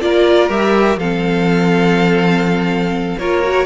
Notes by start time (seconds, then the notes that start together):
0.00 A#3 F4 A#4 D5
0.49 G3 G4 E5
0.96 F3 C4 A4 F5
3.18 A#3 F4 A#4 C#5
3.42 F#4